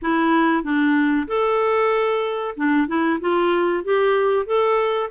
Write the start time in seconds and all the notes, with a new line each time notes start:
0.02 E4
0.63 D4
1.27 A4
2.56 D4
2.87 E4
3.20 F4
3.84 G4
4.46 A4